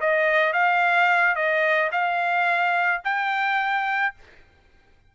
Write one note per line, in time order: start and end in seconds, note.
0.00 0.53 D#5
0.53 1.35 F5
1.35 1.90 D#5
1.92 3.02 F5
3.04 4.14 G5